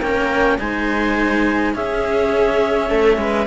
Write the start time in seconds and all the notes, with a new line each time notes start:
0.00 A#3 C#4 A#4 G5
0.58 G#3 D#4 C5 G#5
1.73 C#4 G#4 E5
2.88 A3 A4
3.17 G#3 B4